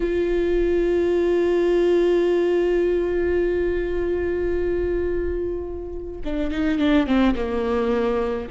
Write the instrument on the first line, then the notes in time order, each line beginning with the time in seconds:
viola
0.00 F4
6.24 D4
6.51 D#4
6.78 D4
7.06 C4
7.35 A#3